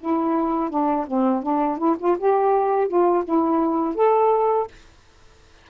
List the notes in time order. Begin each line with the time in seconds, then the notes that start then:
0.00 E4
0.70 D4
1.07 C4
1.43 D4
1.78 E4
1.99 F4
2.18 G4
2.88 F4
3.24 E4
3.95 A4